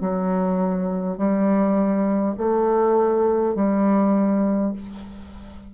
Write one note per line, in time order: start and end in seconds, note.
0.00 1.17 F#3
1.17 2.34 G3
2.37 3.55 A3
3.55 4.72 G3